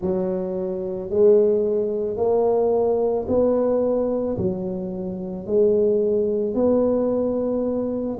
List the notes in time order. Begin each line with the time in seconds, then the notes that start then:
0.00 F#3
1.10 G#3
2.17 A#3
3.28 B3
4.37 F#3
5.46 G#3
6.54 B3